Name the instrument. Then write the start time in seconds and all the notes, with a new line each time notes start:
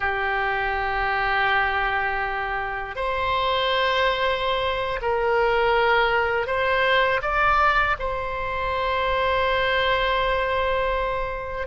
oboe
0.00 G4
2.95 C5
5.01 A#4
6.46 C5
7.22 D5
7.99 C5